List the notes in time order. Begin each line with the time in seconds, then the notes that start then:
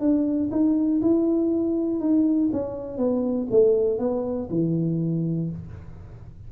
0.00 D4
0.51 D#4
1.02 E4
2.00 D#4
2.53 C#4
2.98 B3
3.51 A3
3.98 B3
4.50 E3